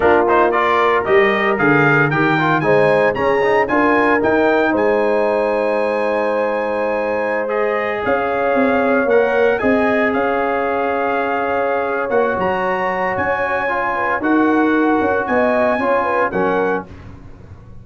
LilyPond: <<
  \new Staff \with { instrumentName = "trumpet" } { \time 4/4 \tempo 4 = 114 ais'8 c''8 d''4 dis''4 f''4 | g''4 gis''4 ais''4 gis''4 | g''4 gis''2.~ | gis''2~ gis''16 dis''4 f''8.~ |
f''4~ f''16 fis''4 gis''4 f''8.~ | f''2. fis''8 ais''8~ | ais''4 gis''2 fis''4~ | fis''4 gis''2 fis''4 | }
  \new Staff \with { instrumentName = "horn" } { \time 4/4 f'4 ais'2.~ | ais'4 c''4 gis'4 ais'4~ | ais'4 c''2.~ | c''2.~ c''16 cis''8.~ |
cis''2~ cis''16 dis''4 cis''8.~ | cis''1~ | cis''2~ cis''8 b'8 ais'4~ | ais'4 dis''4 cis''8 b'8 ais'4 | }
  \new Staff \with { instrumentName = "trombone" } { \time 4/4 d'8 dis'8 f'4 g'4 gis'4 | g'8 f'8 dis'4 cis'8 dis'8 f'4 | dis'1~ | dis'2~ dis'16 gis'4.~ gis'16~ |
gis'4~ gis'16 ais'4 gis'4.~ gis'16~ | gis'2. fis'4~ | fis'2 f'4 fis'4~ | fis'2 f'4 cis'4 | }
  \new Staff \with { instrumentName = "tuba" } { \time 4/4 ais2 g4 d4 | dis4 gis4 cis'4 d'4 | dis'4 gis2.~ | gis2.~ gis16 cis'8.~ |
cis'16 c'4 ais4 c'4 cis'8.~ | cis'2. ais8 fis8~ | fis4 cis'2 dis'4~ | dis'8 cis'8 b4 cis'4 fis4 | }
>>